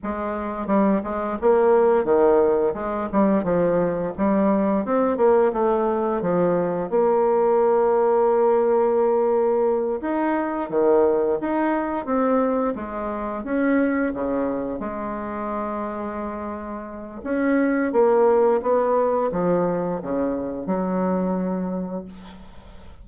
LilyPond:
\new Staff \with { instrumentName = "bassoon" } { \time 4/4 \tempo 4 = 87 gis4 g8 gis8 ais4 dis4 | gis8 g8 f4 g4 c'8 ais8 | a4 f4 ais2~ | ais2~ ais8 dis'4 dis8~ |
dis8 dis'4 c'4 gis4 cis'8~ | cis'8 cis4 gis2~ gis8~ | gis4 cis'4 ais4 b4 | f4 cis4 fis2 | }